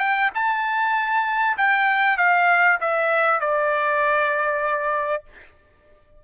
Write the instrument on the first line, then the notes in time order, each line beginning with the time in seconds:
trumpet
0.00 G5
0.35 A5
1.58 G5
2.18 F5
2.81 E5
3.41 D5